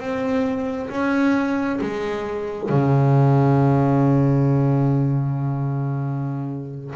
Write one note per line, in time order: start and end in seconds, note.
0.00 0.90 C4
0.90 1.80 C#4
1.81 2.69 G#3
2.69 6.95 C#3